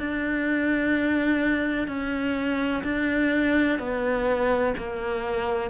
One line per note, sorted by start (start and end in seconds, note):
0.00 1.88 D4
1.88 2.84 C#4
2.84 3.80 D4
3.80 4.75 B3
4.78 5.71 A#3